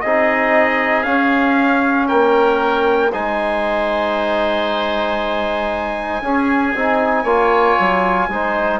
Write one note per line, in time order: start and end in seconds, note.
0.00 1.05 C4
0.00 1.04 D#4
0.00 2.08 G#4
0.00 1.03 D#5
1.03 3.11 C#4
1.03 2.09 C#4
1.03 2.06 F5
2.08 3.13 A#3
2.08 3.11 A#4
2.08 3.11 G5
3.12 6.21 G#3
3.12 6.23 D#4
3.12 6.22 C5
3.12 8.80 G#5
6.21 6.73 C#4
6.21 6.75 C#4
6.21 7.23 G#4
6.75 7.24 C4
6.75 7.26 D#4
7.23 7.76 A#3
7.23 8.29 F4
7.23 8.27 C#5
7.79 8.28 F#3
8.28 8.80 G#3
8.28 8.80 D#4
8.28 8.80 C5